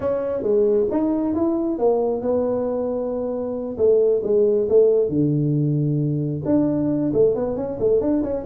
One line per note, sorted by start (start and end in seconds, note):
0.00 0.42 C#4
0.42 0.87 G#3
0.90 1.34 D#4
1.34 1.78 E4
1.78 2.21 A#3
2.21 3.77 B3
3.77 4.21 A3
4.23 4.67 G#3
4.69 5.08 A3
5.08 6.42 D3
6.45 7.12 D4
7.13 7.35 A3
7.35 7.56 B3
7.56 7.78 C#4
7.79 8.00 A3
8.00 8.22 D4
8.23 8.45 C#4